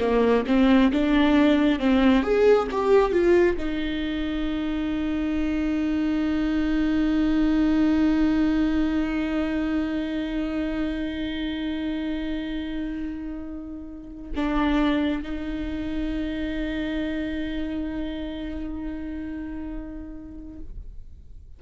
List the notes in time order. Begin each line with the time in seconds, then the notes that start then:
0.00 A#3
0.47 C4
0.92 D4
1.80 C4
2.23 G#4
2.72 G4
3.13 F4
3.57 D#4
14.36 D4
15.23 D#4